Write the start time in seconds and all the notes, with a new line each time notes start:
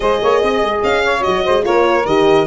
0.00 G#3 G#4 C5 D#5
0.21 A#3 C#5
0.42 C4 D#5
0.61 G#3
0.83 C#4 F5
1.04 C#5
1.20 F#4 D#5
1.26 F#3
1.43 G#3 C5
1.63 A#3 F4 A#4 C#5
2.05 D#3 G4 D#5